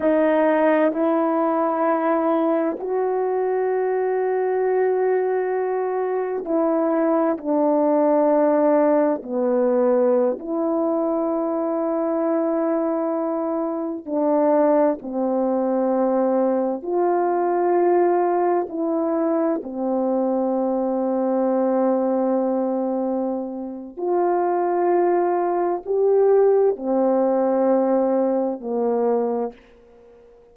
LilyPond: \new Staff \with { instrumentName = "horn" } { \time 4/4 \tempo 4 = 65 dis'4 e'2 fis'4~ | fis'2. e'4 | d'2 b4~ b16 e'8.~ | e'2.~ e'16 d'8.~ |
d'16 c'2 f'4.~ f'16~ | f'16 e'4 c'2~ c'8.~ | c'2 f'2 | g'4 c'2 ais4 | }